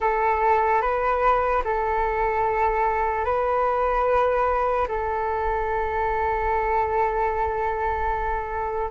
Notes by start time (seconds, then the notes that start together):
0.00 A4
0.81 B4
1.64 A4
3.24 B4
4.88 A4